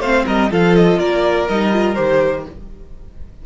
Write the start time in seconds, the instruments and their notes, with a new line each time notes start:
0.00 cello A3, viola C4, violin C5 F5
0.26 cello G3, violin A#4 D#5
0.51 cello F3, viola F4, violin A4 F5
0.76 violin D#5
0.99 cello A#3, violin A#4 D5
1.49 cello G3, viola D#4, violin D#5
1.73 viola F4
1.95 cello D#3, viola G4, violin C5